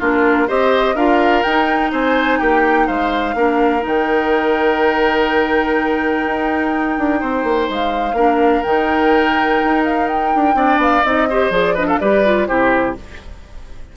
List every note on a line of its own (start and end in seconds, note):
0.00 0.49 A#3
0.00 0.48 D4
0.00 0.48 F4
0.00 0.49 A#4
0.48 0.95 C4
0.48 0.96 G4
0.48 0.96 C5
0.48 0.97 D#5
0.95 1.43 D4
0.95 1.45 F4
0.95 1.92 A#4
0.95 1.43 F5
1.43 1.93 D#4
1.43 3.37 D#4
1.43 1.91 G5
1.92 2.41 C4
1.92 2.40 C5
1.92 2.40 G#5
2.40 2.89 A#3
2.40 2.87 G4
2.40 2.88 G5
2.87 3.35 G#3
2.87 3.35 C5
2.87 3.84 F5
3.35 3.83 A#3
3.35 3.81 D4
3.35 7.20 A#4
3.81 6.26 D#3
3.81 8.12 D#4
3.88 7.72 G5
6.27 6.99 D#4
6.99 7.22 D4
7.20 7.44 C4
7.20 8.16 C5
7.44 7.68 A#3
7.70 8.13 G#3
7.70 8.63 F5
8.13 8.61 A#3
8.13 8.65 D4
8.13 10.56 A#4
8.63 9.62 D#3
8.63 10.55 D#4
8.63 9.83 G5
9.64 10.35 D#4
9.85 10.08 F5
10.08 10.80 G5
10.35 10.55 D4
10.55 10.78 C4
10.55 11.03 D4
10.55 11.29 D5
10.78 11.02 B3
10.78 11.04 F5
11.04 11.51 C4
11.04 11.28 D#4
11.04 11.52 D#5
11.29 11.52 G4
11.29 11.75 C5
11.51 11.99 F3
11.51 11.76 G#4
11.51 11.77 D5
11.75 12.02 D4
11.75 11.87 B4
11.75 11.88 D#5
11.88 12.00 A4
11.88 12.00 F5
12.00 12.49 G3
12.00 12.26 G4
12.00 12.48 B4
12.00 12.47 D5
12.26 12.48 F4
12.47 12.97 C3
12.47 12.96 E4
12.47 12.96 G4
12.47 12.95 C5